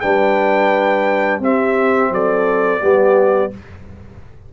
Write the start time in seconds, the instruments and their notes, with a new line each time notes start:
0.00 tuba G3, trombone D4, horn B4, trumpet G5
1.39 tuba C4, trombone C4, horn G4, trumpet E5
2.10 tuba F#3, horn A4, trumpet D5
2.81 tuba G3, trombone B3, horn G4